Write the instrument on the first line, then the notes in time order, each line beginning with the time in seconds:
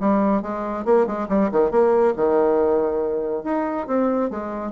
bassoon
0.00 G3
0.42 G#3
0.85 A#3
1.06 G#3
1.29 G3
1.51 D#3
1.71 A#3
2.16 D#3
3.44 D#4
3.87 C4
4.30 G#3